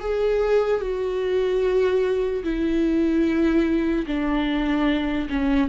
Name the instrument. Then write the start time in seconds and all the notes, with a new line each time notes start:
viola
0.00 G#4
0.81 F#4
2.44 E4
4.07 D4
5.30 C#4